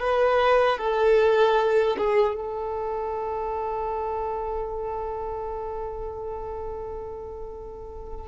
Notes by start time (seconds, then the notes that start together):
0.00 B4
0.79 A4
1.98 G#4
2.36 A4